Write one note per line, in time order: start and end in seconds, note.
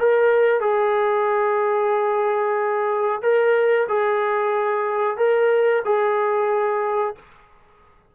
0.00 0.61 A#4
0.61 3.22 G#4
3.23 3.88 A#4
3.89 5.18 G#4
5.18 5.83 A#4
5.85 7.16 G#4